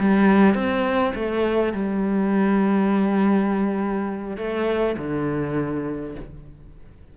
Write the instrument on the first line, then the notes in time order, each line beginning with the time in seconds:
cello
0.00 G3
0.55 C4
1.16 A3
1.74 G3
4.38 A3
4.98 D3